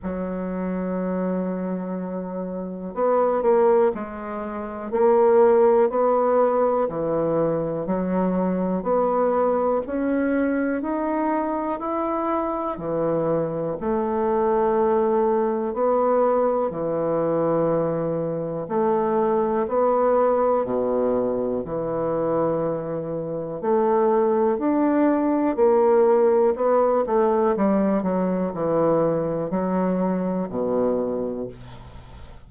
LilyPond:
\new Staff \with { instrumentName = "bassoon" } { \time 4/4 \tempo 4 = 61 fis2. b8 ais8 | gis4 ais4 b4 e4 | fis4 b4 cis'4 dis'4 | e'4 e4 a2 |
b4 e2 a4 | b4 b,4 e2 | a4 d'4 ais4 b8 a8 | g8 fis8 e4 fis4 b,4 | }